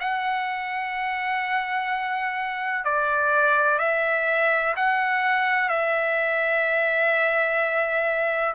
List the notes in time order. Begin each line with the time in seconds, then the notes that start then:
0.00 F#5
2.84 D5
3.78 E5
4.76 F#5
5.69 E5